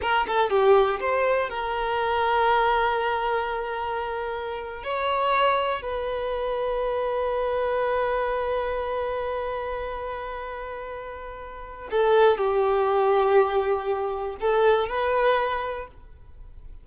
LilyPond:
\new Staff \with { instrumentName = "violin" } { \time 4/4 \tempo 4 = 121 ais'8 a'8 g'4 c''4 ais'4~ | ais'1~ | ais'4.~ ais'16 cis''2 b'16~ | b'1~ |
b'1~ | b'1 | a'4 g'2.~ | g'4 a'4 b'2 | }